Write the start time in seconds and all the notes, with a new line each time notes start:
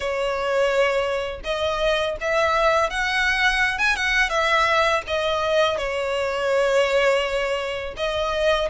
0.00 C#5
1.44 D#5
2.20 E5
2.90 F#5
3.78 G#5
3.96 F#5
4.29 E5
5.07 D#5
5.77 C#5
7.96 D#5